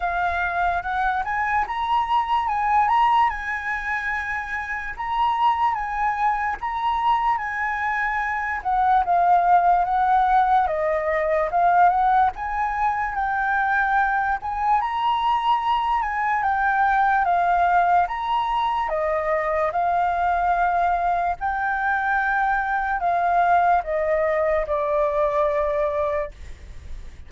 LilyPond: \new Staff \with { instrumentName = "flute" } { \time 4/4 \tempo 4 = 73 f''4 fis''8 gis''8 ais''4 gis''8 ais''8 | gis''2 ais''4 gis''4 | ais''4 gis''4. fis''8 f''4 | fis''4 dis''4 f''8 fis''8 gis''4 |
g''4. gis''8 ais''4. gis''8 | g''4 f''4 ais''4 dis''4 | f''2 g''2 | f''4 dis''4 d''2 | }